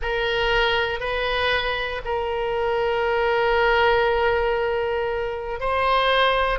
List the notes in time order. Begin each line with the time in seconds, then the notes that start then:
0.02 A#4
0.99 B4
2.04 A#4
5.59 C5